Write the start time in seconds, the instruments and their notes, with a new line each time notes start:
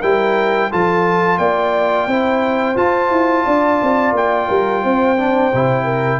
0.00 tuba G3, trombone E4, horn A#4, trumpet G5
0.71 tuba F3, trombone F4, horn A4, trumpet A5
1.38 tuba A#3, horn D5, trumpet G5
2.07 tuba C4, trombone E4, horn C5
2.76 trombone F4, tuba F4, trumpet A5
3.11 tuba E4
3.45 tuba D4, horn D5
3.83 tuba C4
4.12 tuba A#3, trumpet G5
4.48 tuba G3, horn A#4
4.83 tuba C4, horn C5
5.18 trombone D4
5.54 tuba C3, trombone E4
5.84 horn A#4